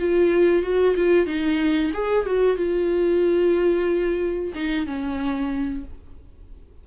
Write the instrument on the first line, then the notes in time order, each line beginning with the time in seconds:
viola
0.00 F4
0.63 F#4
0.96 F4
1.27 D#4
1.94 G#4
2.26 F#4
2.57 F4
4.55 D#4
4.86 C#4